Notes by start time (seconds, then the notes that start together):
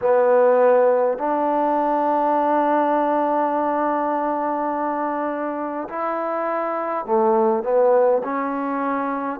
0.01 B3
1.18 D4
5.89 E4
7.05 A3
7.63 B3
8.24 C#4